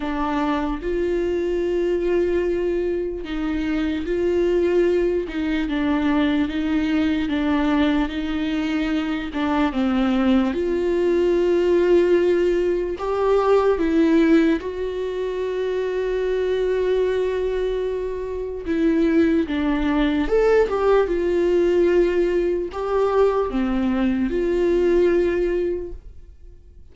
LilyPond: \new Staff \with { instrumentName = "viola" } { \time 4/4 \tempo 4 = 74 d'4 f'2. | dis'4 f'4. dis'8 d'4 | dis'4 d'4 dis'4. d'8 | c'4 f'2. |
g'4 e'4 fis'2~ | fis'2. e'4 | d'4 a'8 g'8 f'2 | g'4 c'4 f'2 | }